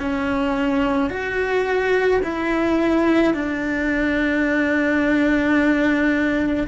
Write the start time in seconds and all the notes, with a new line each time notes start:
0.00 C#4
1.10 F#4
2.24 E4
3.34 D4